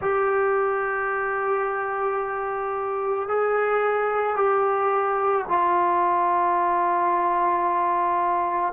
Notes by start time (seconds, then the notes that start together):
0.00 G4
3.28 G#4
4.36 G4
5.48 F4